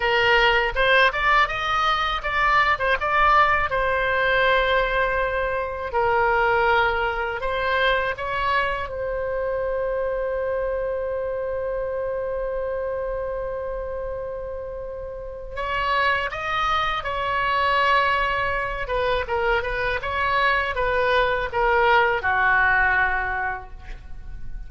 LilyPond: \new Staff \with { instrumentName = "oboe" } { \time 4/4 \tempo 4 = 81 ais'4 c''8 d''8 dis''4 d''8. c''16 | d''4 c''2. | ais'2 c''4 cis''4 | c''1~ |
c''1~ | c''4 cis''4 dis''4 cis''4~ | cis''4. b'8 ais'8 b'8 cis''4 | b'4 ais'4 fis'2 | }